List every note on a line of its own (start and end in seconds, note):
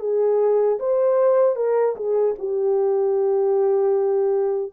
0.00 0.79 G#4
0.79 1.56 C5
1.56 1.96 A#4
1.96 2.35 G#4
2.39 4.73 G4